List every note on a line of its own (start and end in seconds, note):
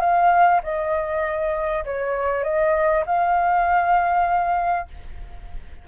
0.00 0.61 F5
0.63 1.84 D#5
1.85 2.43 C#5
2.43 3.04 D#5
3.06 4.88 F5